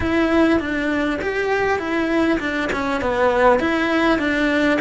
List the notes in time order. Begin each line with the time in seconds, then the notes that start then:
0.00 E4
0.59 D4
1.21 G4
1.78 E4
2.39 D4
2.72 C#4
3.01 B3
3.59 E4
4.18 D4